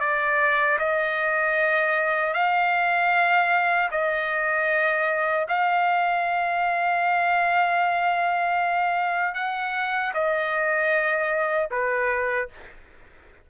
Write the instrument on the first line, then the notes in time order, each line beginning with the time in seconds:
trumpet
0.00 D5
0.79 D#5
2.33 F5
3.91 D#5
5.49 F5
9.34 F#5
10.14 D#5
11.71 B4